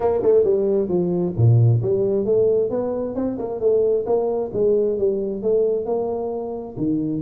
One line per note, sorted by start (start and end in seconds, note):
0.00 0.21 A#3
0.22 0.43 A3
0.43 0.88 G3
0.88 1.33 F3
1.36 1.81 A#2
1.82 2.25 G3
2.25 2.70 A3
2.70 3.15 B3
3.15 3.38 C4
3.38 3.60 A#3
3.60 4.05 A3
4.06 4.51 A#3
4.53 4.98 G#3
4.98 5.42 G3
5.42 5.85 A3
5.85 6.75 A#3
6.77 7.21 D#3